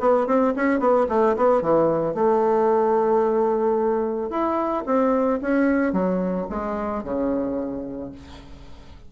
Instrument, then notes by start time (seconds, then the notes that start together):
bassoon
0.00 B3
0.27 C4
0.56 C#4
0.79 B3
1.09 A3
1.37 B3
1.61 E3
2.14 A3
4.30 E4
4.86 C4
5.42 C#4
5.93 F#3
6.50 G#3
7.03 C#3